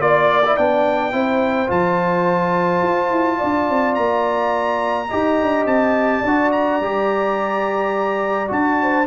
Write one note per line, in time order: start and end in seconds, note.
0.00 0.57 A#3
0.00 0.42 F4
0.00 0.56 D5
0.00 1.14 D5
0.45 0.57 E4
0.56 1.13 B3
0.56 1.12 D4
0.56 1.70 G5
1.12 1.69 C4
1.12 1.67 E4
1.12 3.38 C5
1.67 2.82 F3
1.67 5.07 F4
1.67 3.95 A5
2.82 3.10 F4
3.10 3.39 E4
3.38 3.69 D4
3.38 5.08 D5
3.69 3.97 C4
3.95 5.10 A#3
3.95 5.64 A#5
5.08 5.41 D#4
5.08 6.24 G4
5.08 6.20 D#5
5.42 5.66 D4
5.66 6.22 C4
5.66 6.51 A5
6.20 6.80 D4
6.20 8.75 D5
6.27 6.83 F#4
6.52 8.50 A#5
6.80 8.50 G3
6.80 8.48 G4
8.48 9.06 D4
8.48 9.04 F#4
8.48 9.06 A5
8.82 9.06 C5